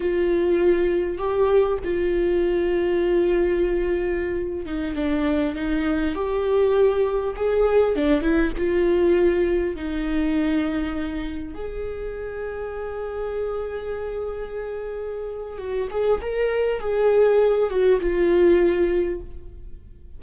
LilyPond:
\new Staff \with { instrumentName = "viola" } { \time 4/4 \tempo 4 = 100 f'2 g'4 f'4~ | f'2.~ f'8. dis'16~ | dis'16 d'4 dis'4 g'4.~ g'16~ | g'16 gis'4 d'8 e'8 f'4.~ f'16~ |
f'16 dis'2. gis'8.~ | gis'1~ | gis'2 fis'8 gis'8 ais'4 | gis'4. fis'8 f'2 | }